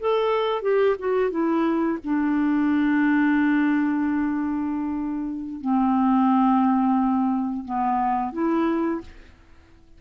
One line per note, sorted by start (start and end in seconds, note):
0.00 0.62 A4
0.62 0.96 G4
0.99 1.31 F#4
1.31 1.99 E4
2.04 5.61 D4
5.61 7.65 C4
7.65 8.33 B3
8.33 9.01 E4